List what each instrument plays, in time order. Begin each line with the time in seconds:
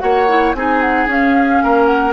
0.00 bassoon A#3, clarinet F#4, oboe C#5, flute F#5
0.29 clarinet E4
0.54 bassoon C4, clarinet D#4, oboe G#4, flute G#5
0.81 flute F#5
1.07 bassoon C#4, clarinet C#4, flute F5
1.64 bassoon A#3, oboe A#4
1.86 flute F#5